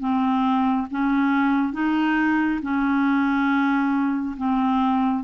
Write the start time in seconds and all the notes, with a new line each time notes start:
0.00 C4
0.91 C#4
1.73 D#4
2.62 C#4
4.37 C4